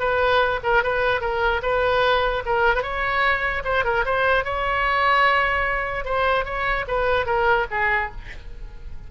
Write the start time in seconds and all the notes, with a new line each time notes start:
0.00 B4
0.64 A#4
0.84 B4
1.21 A#4
1.63 B4
2.46 A#4
2.76 B4
2.83 C#5
3.65 C5
3.85 A#4
4.06 C5
4.45 C#5
6.05 C5
6.45 C#5
6.88 B4
7.26 A#4
7.71 G#4